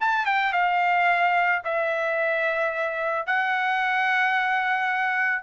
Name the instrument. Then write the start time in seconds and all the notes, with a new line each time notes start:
trumpet
0.00 A5
0.25 G5
0.53 F5
1.64 E5
3.26 F#5